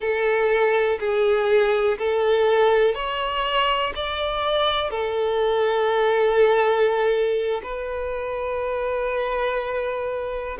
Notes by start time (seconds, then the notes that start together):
0.00 A4
0.99 G#4
1.98 A4
2.95 C#5
3.95 D5
4.90 A4
7.63 B4